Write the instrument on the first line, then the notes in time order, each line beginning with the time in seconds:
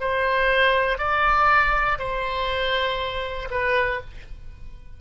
oboe
0.00 C5
0.99 D5
1.99 C5
3.50 B4